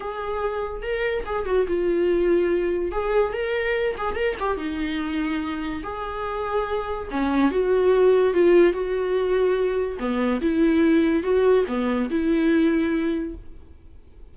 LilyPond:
\new Staff \with { instrumentName = "viola" } { \time 4/4 \tempo 4 = 144 gis'2 ais'4 gis'8 fis'8 | f'2. gis'4 | ais'4. gis'8 ais'8 g'8 dis'4~ | dis'2 gis'2~ |
gis'4 cis'4 fis'2 | f'4 fis'2. | b4 e'2 fis'4 | b4 e'2. | }